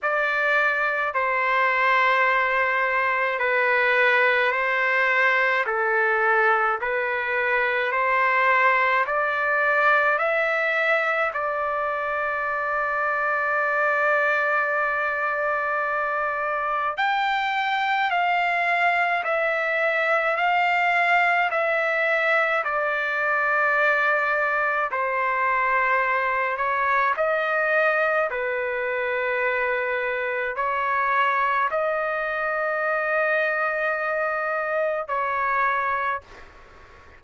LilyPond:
\new Staff \with { instrumentName = "trumpet" } { \time 4/4 \tempo 4 = 53 d''4 c''2 b'4 | c''4 a'4 b'4 c''4 | d''4 e''4 d''2~ | d''2. g''4 |
f''4 e''4 f''4 e''4 | d''2 c''4. cis''8 | dis''4 b'2 cis''4 | dis''2. cis''4 | }